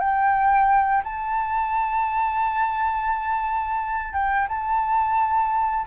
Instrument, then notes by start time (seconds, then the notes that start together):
flute
0.00 G5
1.04 A5
4.13 G5
4.48 A5